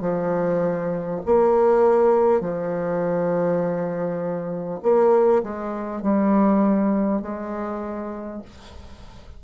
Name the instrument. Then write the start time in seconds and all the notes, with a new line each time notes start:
bassoon
0.00 F3
1.25 A#3
2.40 F3
4.82 A#3
5.43 G#3
6.02 G3
7.22 G#3